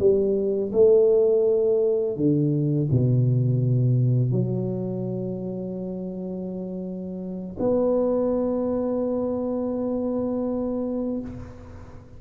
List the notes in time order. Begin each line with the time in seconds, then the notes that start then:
0.00 G3
0.73 A3
2.17 D3
2.92 B2
4.32 F#3
7.60 B3